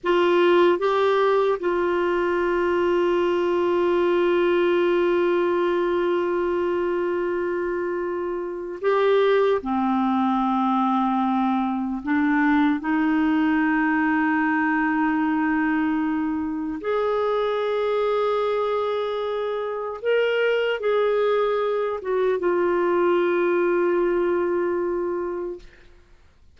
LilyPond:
\new Staff \with { instrumentName = "clarinet" } { \time 4/4 \tempo 4 = 75 f'4 g'4 f'2~ | f'1~ | f'2. g'4 | c'2. d'4 |
dis'1~ | dis'4 gis'2.~ | gis'4 ais'4 gis'4. fis'8 | f'1 | }